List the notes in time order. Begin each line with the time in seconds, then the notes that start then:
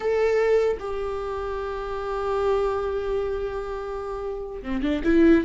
0.00 A4
0.79 G4
4.62 C4
4.82 D4
5.04 E4